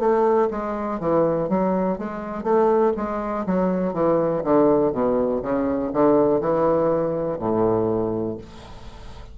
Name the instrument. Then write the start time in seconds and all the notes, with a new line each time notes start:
bassoon
0.00 A3
0.51 G#3
1.00 E3
1.49 F#3
1.99 G#3
2.44 A3
2.97 G#3
3.47 F#3
3.94 E3
4.44 D3
4.93 B2
5.42 C#3
5.94 D3
6.41 E3
7.39 A2